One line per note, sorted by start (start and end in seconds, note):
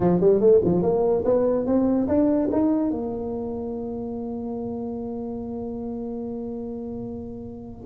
0.00 0.20 F3
0.20 0.40 G3
0.40 0.61 A3
0.64 0.82 F3
0.82 1.24 A#3
1.25 1.66 B3
1.66 2.07 C4
2.07 2.49 D4
2.51 2.90 D#4
2.90 7.85 A#3